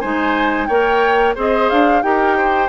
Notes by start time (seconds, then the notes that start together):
0.00 G#3 D#4 C5 G#5
0.66 A#3 A#4 C#5 G5
1.35 C4 G#4 C5 D#5
1.69 D4 F5
2.02 D#4 G4 A#4 G5
2.37 C5